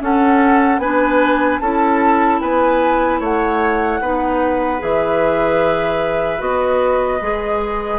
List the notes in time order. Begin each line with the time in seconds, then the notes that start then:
0.00 C#4 A4 F#5
0.78 B3 D4 B4 G#5
1.59 C#4 E4 A4 A5
2.40 B3 B4 G#5
3.19 A3 C#5 F#5
4.00 B3 D#4 B4
4.79 E3 G#4 E5
6.38 B3 F#4 D#5
7.21 G#3 G#4